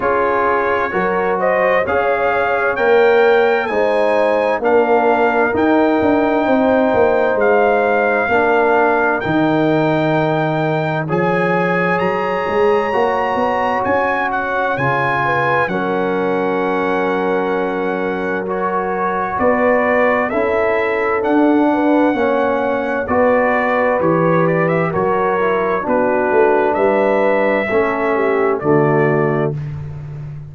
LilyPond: <<
  \new Staff \with { instrumentName = "trumpet" } { \time 4/4 \tempo 4 = 65 cis''4. dis''8 f''4 g''4 | gis''4 f''4 g''2 | f''2 g''2 | gis''4 ais''2 gis''8 fis''8 |
gis''4 fis''2. | cis''4 d''4 e''4 fis''4~ | fis''4 d''4 cis''8 d''16 e''16 cis''4 | b'4 e''2 d''4 | }
  \new Staff \with { instrumentName = "horn" } { \time 4/4 gis'4 ais'8 c''8 cis''2 | c''4 ais'2 c''4~ | c''4 ais'2. | cis''1~ |
cis''8 b'8 ais'2.~ | ais'4 b'4 a'4. b'8 | cis''4 b'2 ais'4 | fis'4 b'4 a'8 g'8 fis'4 | }
  \new Staff \with { instrumentName = "trombone" } { \time 4/4 f'4 fis'4 gis'4 ais'4 | dis'4 d'4 dis'2~ | dis'4 d'4 dis'2 | gis'2 fis'2 |
f'4 cis'2. | fis'2 e'4 d'4 | cis'4 fis'4 g'4 fis'8 e'8 | d'2 cis'4 a4 | }
  \new Staff \with { instrumentName = "tuba" } { \time 4/4 cis'4 fis4 cis'4 ais4 | gis4 ais4 dis'8 d'8 c'8 ais8 | gis4 ais4 dis2 | f4 fis8 gis8 ais8 b8 cis'4 |
cis4 fis2.~ | fis4 b4 cis'4 d'4 | ais4 b4 e4 fis4 | b8 a8 g4 a4 d4 | }
>>